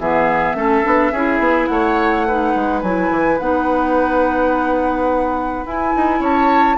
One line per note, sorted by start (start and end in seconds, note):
0.00 0.55 E3
0.00 0.56 B3
0.00 0.57 G#4
0.00 1.67 E5
0.55 0.83 A3
0.55 0.84 C#4
0.55 1.12 A4
0.84 1.12 B3
0.84 1.13 D4
1.12 1.40 C#4
1.12 2.29 E4
1.12 1.69 G#4
1.40 1.68 B3
1.67 2.55 A3
1.67 2.28 C#5
1.67 2.80 F#5
2.28 2.85 D#4
2.28 6.21 B4
2.55 2.83 G#3
2.82 3.11 F#3
2.82 3.40 E4
2.82 3.39 G#5
3.12 3.40 E3
3.40 5.66 B3
3.40 5.66 D#4
3.40 5.66 F#5
5.66 5.94 E4
5.66 6.78 E4
5.66 6.23 G#5
5.97 6.20 D#4
6.20 6.77 C#4
6.20 6.77 C#5
6.20 6.78 A5